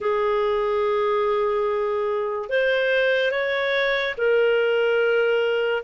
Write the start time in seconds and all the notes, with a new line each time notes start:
0.00 G#4
2.49 C5
3.31 C#5
4.17 A#4